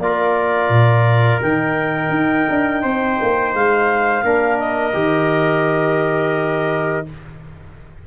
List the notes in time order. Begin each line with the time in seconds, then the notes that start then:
0.00 A#3 F4 A#4 D5
0.70 A#2
1.42 D#3 D#4 G5
2.10 D#4
2.50 D4
2.83 C4 C5
3.22 A#3
3.55 G#3 F5
4.24 A#3 D4 A#4
4.59 D#5
4.93 D#3 G4